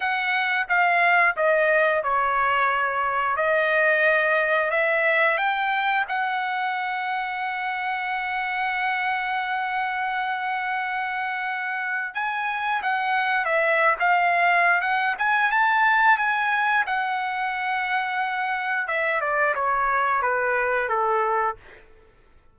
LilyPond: \new Staff \with { instrumentName = "trumpet" } { \time 4/4 \tempo 4 = 89 fis''4 f''4 dis''4 cis''4~ | cis''4 dis''2 e''4 | g''4 fis''2.~ | fis''1~ |
fis''2 gis''4 fis''4 | e''8. f''4~ f''16 fis''8 gis''8 a''4 | gis''4 fis''2. | e''8 d''8 cis''4 b'4 a'4 | }